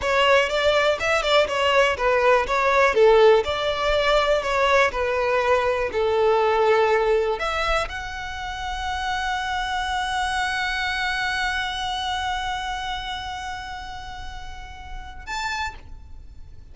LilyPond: \new Staff \with { instrumentName = "violin" } { \time 4/4 \tempo 4 = 122 cis''4 d''4 e''8 d''8 cis''4 | b'4 cis''4 a'4 d''4~ | d''4 cis''4 b'2 | a'2. e''4 |
fis''1~ | fis''1~ | fis''1~ | fis''2. a''4 | }